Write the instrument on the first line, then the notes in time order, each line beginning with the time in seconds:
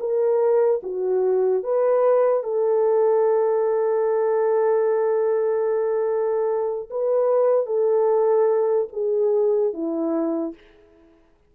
horn
0.00 A#4
0.83 F#4
1.63 B4
2.43 A4
6.90 B4
7.66 A4
8.93 G#4
9.73 E4